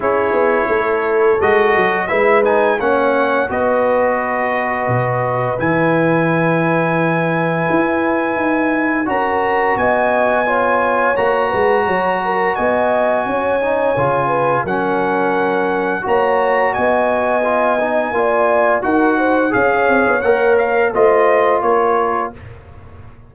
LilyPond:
<<
  \new Staff \with { instrumentName = "trumpet" } { \time 4/4 \tempo 4 = 86 cis''2 dis''4 e''8 gis''8 | fis''4 dis''2. | gis''1~ | gis''4 ais''4 gis''2 |
ais''2 gis''2~ | gis''4 fis''2 ais''4 | gis''2. fis''4 | f''4 fis''8 f''8 dis''4 cis''4 | }
  \new Staff \with { instrumentName = "horn" } { \time 4/4 gis'4 a'2 b'4 | cis''4 b'2.~ | b'1~ | b'4 ais'4 dis''4 cis''4~ |
cis''8 b'8 cis''8 ais'8 dis''4 cis''4~ | cis''8 b'8 ais'2 cis''4 | dis''2 d''4 ais'8 c''8 | cis''2 c''4 ais'4 | }
  \new Staff \with { instrumentName = "trombone" } { \time 4/4 e'2 fis'4 e'8 dis'8 | cis'4 fis'2. | e'1~ | e'4 fis'2 f'4 |
fis'2.~ fis'8 dis'8 | f'4 cis'2 fis'4~ | fis'4 f'8 dis'8 f'4 fis'4 | gis'4 ais'4 f'2 | }
  \new Staff \with { instrumentName = "tuba" } { \time 4/4 cis'8 b8 a4 gis8 fis8 gis4 | ais4 b2 b,4 | e2. e'4 | dis'4 cis'4 b2 |
ais8 gis8 fis4 b4 cis'4 | cis4 fis2 ais4 | b2 ais4 dis'4 | cis'8 c'16 b16 ais4 a4 ais4 | }
>>